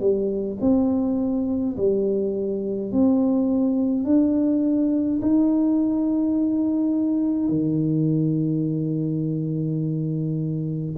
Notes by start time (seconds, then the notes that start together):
0.00 G3
0.61 C4
1.77 G3
2.92 C4
4.05 D4
5.21 D#4
7.49 D#3